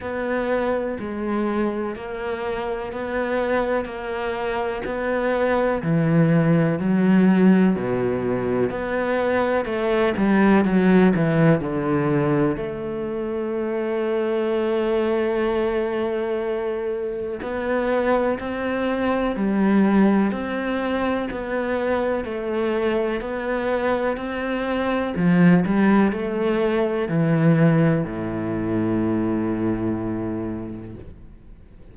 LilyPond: \new Staff \with { instrumentName = "cello" } { \time 4/4 \tempo 4 = 62 b4 gis4 ais4 b4 | ais4 b4 e4 fis4 | b,4 b4 a8 g8 fis8 e8 | d4 a2.~ |
a2 b4 c'4 | g4 c'4 b4 a4 | b4 c'4 f8 g8 a4 | e4 a,2. | }